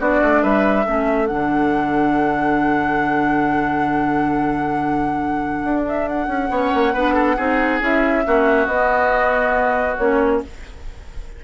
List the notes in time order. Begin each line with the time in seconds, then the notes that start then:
0.00 B3 D4 F#4 D5
0.22 A3
0.43 G3 B4 E5
0.86 A3 C#4 A4
1.27 D3 D4 F#5
5.64 D4
5.88 E5
6.09 F#5
6.28 C#4
6.50 B3 C#4 C#5
6.75 A#3
6.94 B3 D4 B4
7.14 A4
7.37 C4 D#4 G#4
7.81 C#4 E4 E5
8.26 A#3 C#4 F#4
8.67 B3 D#5
9.98 A#3 C#4 C#5